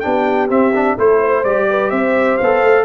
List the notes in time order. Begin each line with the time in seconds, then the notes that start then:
0.00 B3 D4 G4 G5
0.49 C4 E5
0.75 D4
0.98 A3 E4 A4 C5
1.20 C5
1.44 G3 G4 D5
1.70 B4
1.90 C4 C5 E5
2.37 B3 F5
2.43 A4
2.63 A3